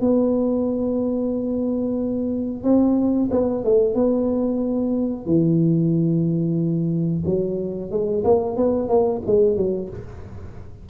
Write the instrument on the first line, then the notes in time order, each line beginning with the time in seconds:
tuba
0.00 B3
2.63 C4
3.31 B3
3.64 A3
3.94 B3
5.26 E3
7.25 F#3
7.91 G#3
8.24 A#3
8.56 B3
8.88 A#3
9.26 G#3
9.56 F#3